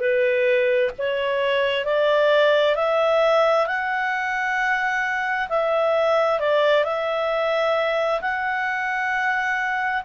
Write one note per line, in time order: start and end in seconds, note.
0.00 0.91 B4
0.99 1.85 C#5
1.85 2.76 D5
2.76 3.67 E5
3.67 5.49 F#5
5.49 6.40 E5
6.40 6.85 D5
6.85 8.21 E5
8.21 10.03 F#5